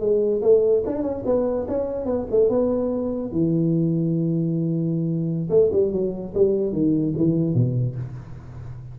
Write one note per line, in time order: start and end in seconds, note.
0.00 0.41 G#3
0.42 0.83 A3
0.86 1.03 D4
1.03 1.23 C#4
1.25 1.67 B3
1.68 2.06 C#4
2.06 2.26 B3
2.31 2.49 A3
2.49 3.32 B3
3.32 5.49 E3
5.50 5.70 A3
5.72 5.92 G3
5.92 6.33 F#3
6.34 6.72 G3
6.72 7.14 D#3
7.17 7.54 E3
7.54 7.96 B2